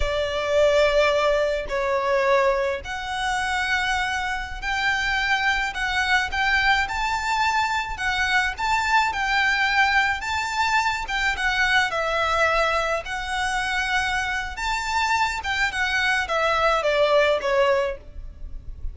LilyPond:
\new Staff \with { instrumentName = "violin" } { \time 4/4 \tempo 4 = 107 d''2. cis''4~ | cis''4 fis''2.~ | fis''16 g''2 fis''4 g''8.~ | g''16 a''2 fis''4 a''8.~ |
a''16 g''2 a''4. g''16~ | g''16 fis''4 e''2 fis''8.~ | fis''2 a''4. g''8 | fis''4 e''4 d''4 cis''4 | }